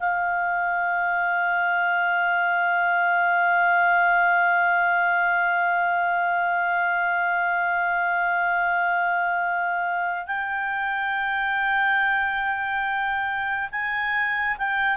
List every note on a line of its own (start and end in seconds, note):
0.00 10.27 F5
10.27 13.69 G5
13.72 14.58 G#5
14.58 14.97 G5